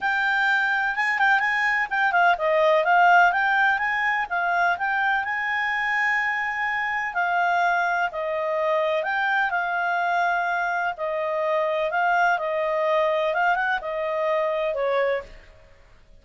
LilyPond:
\new Staff \with { instrumentName = "clarinet" } { \time 4/4 \tempo 4 = 126 g''2 gis''8 g''8 gis''4 | g''8 f''8 dis''4 f''4 g''4 | gis''4 f''4 g''4 gis''4~ | gis''2. f''4~ |
f''4 dis''2 g''4 | f''2. dis''4~ | dis''4 f''4 dis''2 | f''8 fis''8 dis''2 cis''4 | }